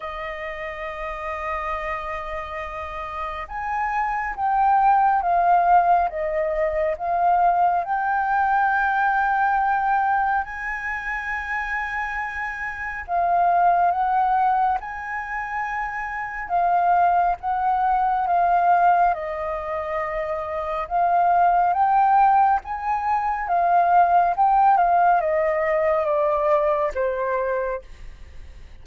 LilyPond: \new Staff \with { instrumentName = "flute" } { \time 4/4 \tempo 4 = 69 dis''1 | gis''4 g''4 f''4 dis''4 | f''4 g''2. | gis''2. f''4 |
fis''4 gis''2 f''4 | fis''4 f''4 dis''2 | f''4 g''4 gis''4 f''4 | g''8 f''8 dis''4 d''4 c''4 | }